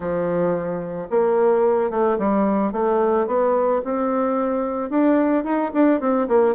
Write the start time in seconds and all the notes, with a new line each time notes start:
0.00 F3
1.10 A#3
1.90 A3
2.18 G3
2.72 A3
3.27 B3
3.84 C4
4.90 D4
5.43 D#4
5.73 D4
6.00 C4
6.28 A#3